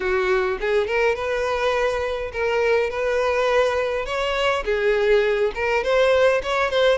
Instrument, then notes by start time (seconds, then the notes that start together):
violin
0.00 F#4
0.60 G#4
0.87 A#4
1.15 B4
2.32 A#4
2.90 B4
4.05 C#5
4.64 G#4
5.54 A#4
5.83 C5
6.42 C#5
6.70 C5